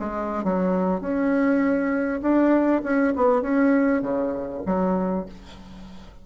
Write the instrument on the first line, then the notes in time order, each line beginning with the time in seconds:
bassoon
0.00 G#3
0.44 F#3
1.01 C#4
2.22 D4
2.84 C#4
3.16 B3
3.42 C#4
4.02 C#3
4.66 F#3